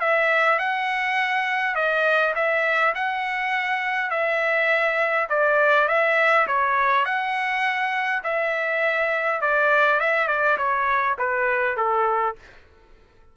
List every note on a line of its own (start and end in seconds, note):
0.00 0.59 E5
0.59 1.75 F#5
1.75 2.34 D#5
2.36 2.94 E5
2.95 4.11 F#5
4.11 5.28 E5
5.29 5.88 D5
5.88 6.47 E5
6.47 7.06 C#5
7.06 8.23 F#5
8.24 9.41 E5
9.42 10.00 D5
10.00 10.28 E5
10.28 10.57 D5
10.58 11.17 C#5
11.18 11.77 B4
11.77 12.36 A4